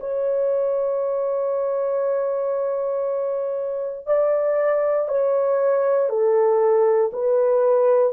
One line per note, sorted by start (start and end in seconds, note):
0.00 4.07 C#5
4.07 5.08 D5
5.08 6.09 C#5
6.09 7.11 A4
7.13 8.13 B4